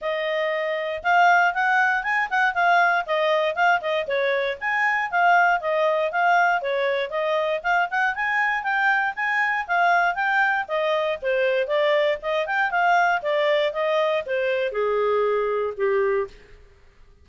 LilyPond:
\new Staff \with { instrumentName = "clarinet" } { \time 4/4 \tempo 4 = 118 dis''2 f''4 fis''4 | gis''8 fis''8 f''4 dis''4 f''8 dis''8 | cis''4 gis''4 f''4 dis''4 | f''4 cis''4 dis''4 f''8 fis''8 |
gis''4 g''4 gis''4 f''4 | g''4 dis''4 c''4 d''4 | dis''8 g''8 f''4 d''4 dis''4 | c''4 gis'2 g'4 | }